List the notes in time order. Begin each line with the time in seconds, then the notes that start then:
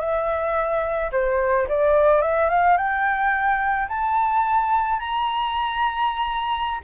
0.00 E5
1.12 C5
1.69 D5
2.22 E5
2.49 F5
2.77 G5
3.89 A5
5.00 A#5